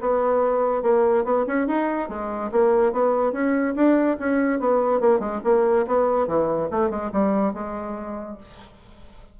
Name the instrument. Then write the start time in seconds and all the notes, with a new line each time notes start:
bassoon
0.00 B3
0.82 A#3
1.24 B3
1.46 C#4
1.67 D#4
2.09 G#3
2.51 A#3
2.92 B3
3.32 C#4
3.75 D4
4.19 C#4
4.59 B3
5.00 A#3
5.19 G#3
5.44 A#3
5.86 B3
6.27 E3
6.70 A3
6.90 G#3
7.12 G3
7.53 G#3